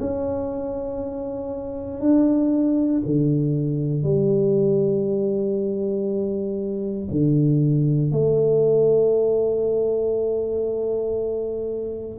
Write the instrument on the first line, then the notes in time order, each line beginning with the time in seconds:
tuba
0.00 C#4
2.00 D4
3.05 D3
4.03 G3
7.10 D3
8.11 A3